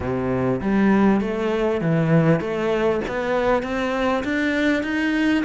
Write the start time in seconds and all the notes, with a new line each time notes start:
0.00 C3
0.61 G3
1.20 A3
1.81 E3
2.40 A3
3.07 B3
3.63 C4
4.24 D4
4.83 D#4